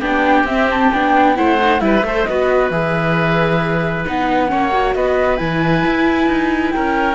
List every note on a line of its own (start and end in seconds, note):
0.00 0.44 B3
0.00 0.47 D4
0.00 1.34 G4
0.00 0.47 G5
0.44 0.89 C4
0.44 0.93 C4
0.44 0.69 E5
0.71 0.93 A5
0.93 1.39 B3
0.93 1.36 D4
0.93 1.37 G5
1.36 1.81 A3
1.36 1.59 E4
1.36 1.82 C5
1.36 1.81 F#5
1.62 1.80 D#4
1.80 2.03 G3
1.80 2.02 E4
1.80 2.07 B4
1.80 2.25 E5
2.03 2.25 A3
2.03 2.28 A4
2.03 2.29 C5
2.25 2.71 B3
2.25 2.72 F#4
2.25 4.51 B4
2.25 2.70 D#5
2.71 4.05 E3
2.71 4.06 G#4
2.71 4.05 E5
4.06 4.53 B3
4.06 4.48 D#4
4.06 4.95 F#5
4.48 4.95 A#3
4.48 4.70 C#4
4.48 4.96 C#5
4.72 5.39 F#4
4.95 5.40 B3
4.95 6.75 B4
4.95 5.37 D#5
5.37 5.86 E3
5.37 7.15 E4
5.37 6.72 G#5
5.86 6.27 E4
6.27 6.72 D#4
6.72 7.15 C#4
6.72 7.15 A#4
6.72 7.15 G5